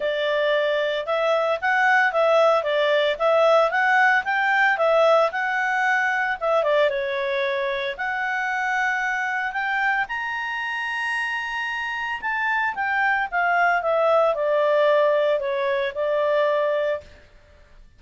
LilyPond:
\new Staff \with { instrumentName = "clarinet" } { \time 4/4 \tempo 4 = 113 d''2 e''4 fis''4 | e''4 d''4 e''4 fis''4 | g''4 e''4 fis''2 | e''8 d''8 cis''2 fis''4~ |
fis''2 g''4 ais''4~ | ais''2. a''4 | g''4 f''4 e''4 d''4~ | d''4 cis''4 d''2 | }